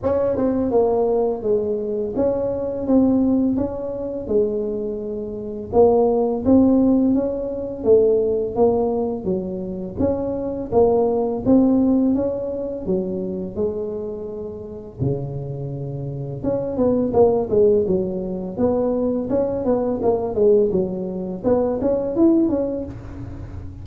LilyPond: \new Staff \with { instrumentName = "tuba" } { \time 4/4 \tempo 4 = 84 cis'8 c'8 ais4 gis4 cis'4 | c'4 cis'4 gis2 | ais4 c'4 cis'4 a4 | ais4 fis4 cis'4 ais4 |
c'4 cis'4 fis4 gis4~ | gis4 cis2 cis'8 b8 | ais8 gis8 fis4 b4 cis'8 b8 | ais8 gis8 fis4 b8 cis'8 e'8 cis'8 | }